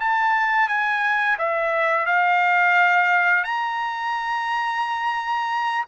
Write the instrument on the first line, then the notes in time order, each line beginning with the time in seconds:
trumpet
0.00 A5
0.68 G#5
1.38 E5
2.06 F5
3.44 A#5